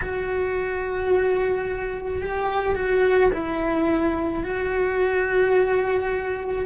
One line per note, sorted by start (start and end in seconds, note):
0.01 2.22 F#4
2.22 2.75 G4
2.75 3.30 F#4
3.33 4.43 E4
4.43 6.65 F#4